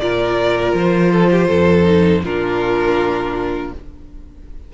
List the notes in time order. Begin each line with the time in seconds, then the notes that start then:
0.00 A#2 F4 A#4 D5
0.74 F3 C5
1.12 A4
1.32 G4
1.48 F2 A4
1.83 D#4
2.24 A#2 D4 F4 A#4